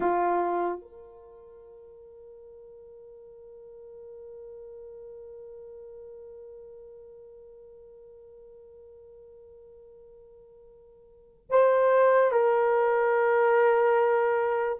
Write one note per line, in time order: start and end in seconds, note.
0.00 0.81 F4
0.81 11.50 A#4
11.50 12.31 C5
12.31 14.78 A#4